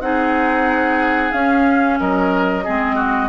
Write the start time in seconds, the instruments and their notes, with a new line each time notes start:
0.00 bassoon C4, clarinet D#4, oboe G#4, flute F#5
1.32 clarinet C#4, bassoon C#4, flute F5
1.99 bassoon F#3, oboe A#4, flute D#5
2.64 bassoon G#3, clarinet C4, oboe G#4
2.95 oboe F#4